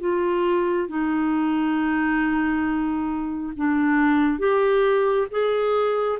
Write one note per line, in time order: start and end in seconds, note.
0.00 0.88 F4
0.88 3.53 D#4
3.56 4.39 D4
4.39 5.27 G4
5.31 6.19 G#4